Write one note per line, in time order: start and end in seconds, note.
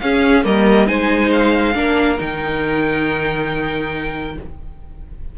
0.00 0.45 C#4
0.00 0.44 C#4
0.00 0.46 G#4
0.00 0.43 F5
0.44 0.88 G3
0.44 0.87 A#3
0.44 0.87 A#4
0.44 0.88 D#5
0.87 1.75 G#3
0.87 1.74 D#4
0.87 1.74 C5
0.87 1.31 G#5
1.32 2.19 F5
1.74 2.18 A#3
1.74 2.17 D4
1.74 4.36 A#4
2.18 4.38 D#3
2.18 4.35 D#4
2.18 4.38 G5